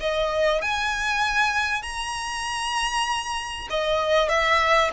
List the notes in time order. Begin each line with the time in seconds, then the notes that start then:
0.00 D#5
0.62 G#5
1.82 A#5
3.70 D#5
4.29 E5